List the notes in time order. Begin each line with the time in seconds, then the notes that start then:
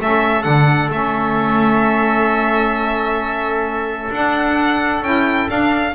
0.00 A3 C#4 A4 E5
0.43 D3 D4 F#5
0.89 A3 C#4 E5
4.11 D4 F#5
5.02 C#4 E4 G5
5.48 D4 F5